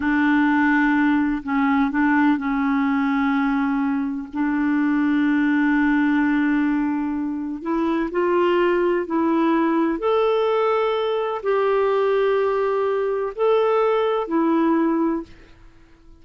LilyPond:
\new Staff \with { instrumentName = "clarinet" } { \time 4/4 \tempo 4 = 126 d'2. cis'4 | d'4 cis'2.~ | cis'4 d'2.~ | d'1 |
e'4 f'2 e'4~ | e'4 a'2. | g'1 | a'2 e'2 | }